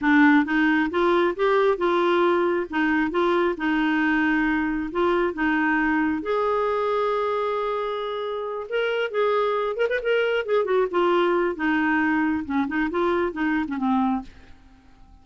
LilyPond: \new Staff \with { instrumentName = "clarinet" } { \time 4/4 \tempo 4 = 135 d'4 dis'4 f'4 g'4 | f'2 dis'4 f'4 | dis'2. f'4 | dis'2 gis'2~ |
gis'2.~ gis'8 ais'8~ | ais'8 gis'4. ais'16 b'16 ais'4 gis'8 | fis'8 f'4. dis'2 | cis'8 dis'8 f'4 dis'8. cis'16 c'4 | }